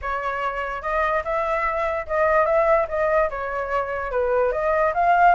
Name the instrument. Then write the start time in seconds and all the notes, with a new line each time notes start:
flute
0.01 C#5
0.81 D#5
1.24 E5
2.07 D#5
2.45 E5
2.88 D#5
3.30 C#5
4.11 B4
4.52 D#5
4.94 F5